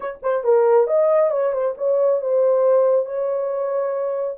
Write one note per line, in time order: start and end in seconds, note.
0.00 0.19 C#5
0.22 0.44 C5
0.44 0.87 A#4
0.87 1.30 D#5
1.31 1.52 C#5
1.52 1.74 C5
1.77 2.21 C#5
2.21 3.05 C5
3.05 4.36 C#5